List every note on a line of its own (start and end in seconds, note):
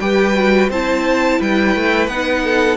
0.00 0.70 G3
0.00 0.35 G4
0.00 0.70 B4
0.00 0.70 G5
0.35 0.70 F#4
0.70 1.39 C4
0.70 2.11 E4
0.70 1.39 C5
0.70 1.42 A5
1.39 1.76 G3
1.39 2.43 B4
1.39 2.08 G5
1.76 2.08 A3
2.08 2.77 B3
2.08 2.77 D#4
2.08 2.77 F#5
2.44 2.77 A4